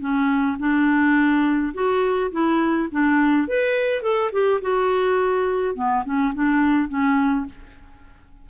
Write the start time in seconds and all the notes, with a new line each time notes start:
0.00 C#4
0.59 D4
1.74 F#4
2.31 E4
2.91 D4
3.48 B4
4.02 A4
4.32 G4
4.61 F#4
5.75 B3
6.05 C#4
6.34 D4
6.89 C#4